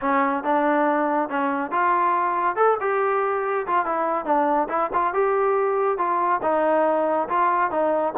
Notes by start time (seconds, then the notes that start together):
0.01 C#4
0.43 D4
1.29 C#4
1.71 F4
2.56 A4
2.80 G4
3.66 F4
3.85 E4
4.25 D4
4.68 E4
4.93 F4
5.13 G4
5.98 F4
6.42 D#4
7.28 F4
7.70 D#4